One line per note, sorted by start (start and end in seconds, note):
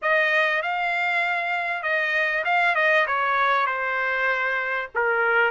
0.01 0.62 D#5
0.62 1.82 F5
1.82 2.44 D#5
2.44 2.75 F5
2.75 3.06 D#5
3.06 3.66 C#5
3.66 4.89 C5
4.95 5.51 A#4